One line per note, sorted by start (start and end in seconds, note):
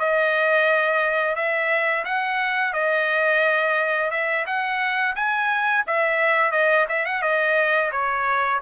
0.00 1.36 D#5
1.36 2.05 E5
2.05 2.74 F#5
2.74 4.11 D#5
4.11 4.45 E5
4.47 5.16 F#5
5.16 5.85 G#5
5.87 6.52 E5
6.52 6.87 D#5
6.89 7.06 E5
7.06 7.22 F#5
7.22 7.91 D#5
7.92 8.61 C#5